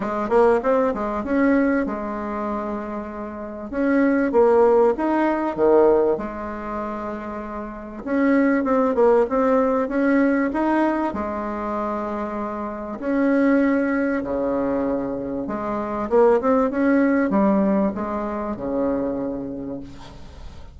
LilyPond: \new Staff \with { instrumentName = "bassoon" } { \time 4/4 \tempo 4 = 97 gis8 ais8 c'8 gis8 cis'4 gis4~ | gis2 cis'4 ais4 | dis'4 dis4 gis2~ | gis4 cis'4 c'8 ais8 c'4 |
cis'4 dis'4 gis2~ | gis4 cis'2 cis4~ | cis4 gis4 ais8 c'8 cis'4 | g4 gis4 cis2 | }